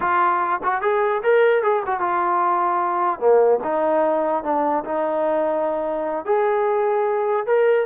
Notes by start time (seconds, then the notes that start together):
0.00 F4
0.63 F#4
0.81 G#4
1.23 A#4
1.62 G#4
1.86 F#4
2.00 F4
3.19 A#3
3.63 D#4
4.43 D4
4.84 D#4
6.25 G#4
7.46 A#4